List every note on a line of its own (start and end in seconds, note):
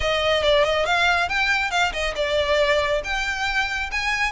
0.00 0.42 D#5
0.42 0.64 D5
0.64 0.85 D#5
0.85 1.28 F5
1.28 1.71 G5
1.71 1.92 F5
1.92 2.14 D#5
2.15 3.02 D5
3.04 3.90 G5
3.91 4.31 G#5